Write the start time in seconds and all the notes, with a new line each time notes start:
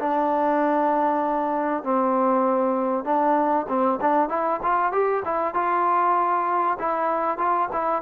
0.00 D4
1.84 C4
3.05 D4
3.69 C4
4.01 D4
4.30 E4
4.63 F4
4.93 G4
5.25 E4
5.55 F4
6.79 E4
7.38 F4
7.73 E4